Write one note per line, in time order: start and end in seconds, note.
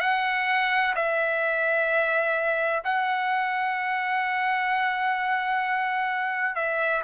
0.00 0.94 F#5
0.95 2.83 E5
2.84 6.55 F#5
6.55 7.02 E5